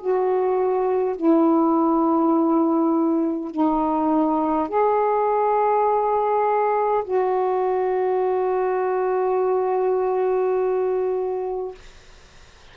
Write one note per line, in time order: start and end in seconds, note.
0.00 1.17 F#4
1.17 3.51 E4
3.51 4.68 D#4
4.68 7.04 G#4
7.05 11.75 F#4